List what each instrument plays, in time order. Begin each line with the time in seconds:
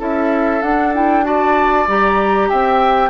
0.00 bassoon C#4, clarinet E4, oboe A4, flute E5
0.62 clarinet D4, bassoon D4, flute F#5
0.94 clarinet E4, flute G5
1.23 clarinet F#4, oboe D5, flute A5
1.88 bassoon G3, clarinet G4, flute A#5
2.49 bassoon C4, oboe E5, flute G5